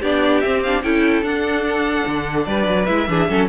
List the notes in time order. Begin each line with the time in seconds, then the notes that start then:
0.00 B3 D4 G4 D5
0.41 C4 E5
0.63 D4 F5
0.83 C#4 E4 A4 G5
1.22 D4 F#5
2.07 D3
2.45 G3 B4 D5
2.67 F#3
2.85 G#3 E4 E5
3.08 E3 D4 G#4
3.29 F#3 C#4 A4